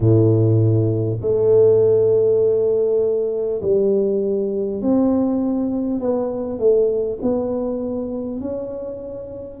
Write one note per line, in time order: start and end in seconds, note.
0.00 1.18 A2
1.21 3.61 A3
3.62 4.81 G3
4.81 5.99 C4
5.99 6.58 B3
6.58 7.18 A3
7.22 8.40 B3
8.40 9.60 C#4